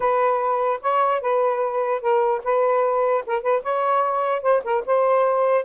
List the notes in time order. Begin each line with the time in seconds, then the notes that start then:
0.00 B4
0.81 C#5
1.21 B4
2.01 A#4
2.44 B4
3.26 A#4
3.42 B4
3.62 C#5
4.42 C5
4.63 A#4
4.86 C5